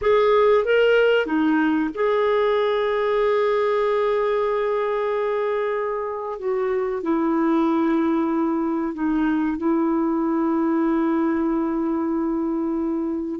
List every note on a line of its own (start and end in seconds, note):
0.01 0.64 G#4
0.64 1.26 A#4
1.26 1.89 D#4
1.94 6.38 G#4
6.38 7.02 F#4
7.02 8.94 E4
8.94 9.57 D#4
9.57 13.40 E4